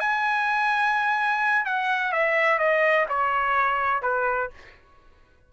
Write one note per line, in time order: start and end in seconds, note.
0.00 1.65 G#5
1.65 2.12 F#5
2.12 2.59 E5
2.59 3.06 D#5
3.09 4.02 C#5
4.02 4.50 B4